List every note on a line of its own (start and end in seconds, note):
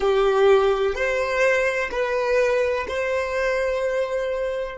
0.00 0.94 G4
0.94 1.90 C5
1.90 2.86 B4
2.88 4.77 C5